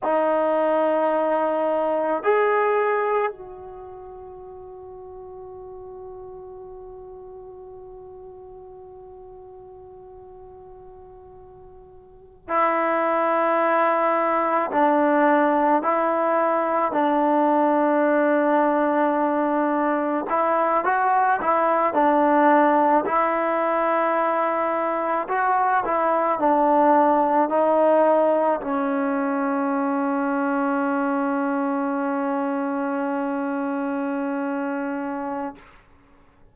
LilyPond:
\new Staff \with { instrumentName = "trombone" } { \time 4/4 \tempo 4 = 54 dis'2 gis'4 fis'4~ | fis'1~ | fis'2.~ fis'16 e'8.~ | e'4~ e'16 d'4 e'4 d'8.~ |
d'2~ d'16 e'8 fis'8 e'8 d'16~ | d'8. e'2 fis'8 e'8 d'16~ | d'8. dis'4 cis'2~ cis'16~ | cis'1 | }